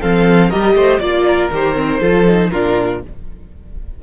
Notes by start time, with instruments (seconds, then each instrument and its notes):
0.00 cello F3, viola C4, violin A4 F5
0.49 cello G3, viola G4, violin A#4 D#5
0.74 cello A3, violin C5
0.99 cello A#3, viola F4, violin D5
1.27 violin A#4
1.51 cello D#3, viola G4, violin C5
1.75 viola C4
2.00 cello F3, viola F4, violin A4
2.26 viola D#4
2.50 cello A#2, viola D4, violin F4 A#4